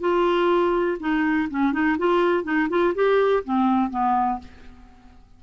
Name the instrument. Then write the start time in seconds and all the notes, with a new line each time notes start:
clarinet
0.00 F4
1.00 D#4
1.50 C#4
1.73 D#4
1.98 F4
2.44 D#4
2.69 F4
2.95 G4
3.44 C4
3.90 B3